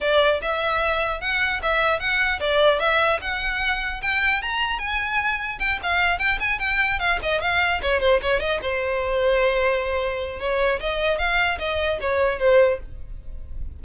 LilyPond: \new Staff \with { instrumentName = "violin" } { \time 4/4 \tempo 4 = 150 d''4 e''2 fis''4 | e''4 fis''4 d''4 e''4 | fis''2 g''4 ais''4 | gis''2 g''8 f''4 g''8 |
gis''8 g''4 f''8 dis''8 f''4 cis''8 | c''8 cis''8 dis''8 c''2~ c''8~ | c''2 cis''4 dis''4 | f''4 dis''4 cis''4 c''4 | }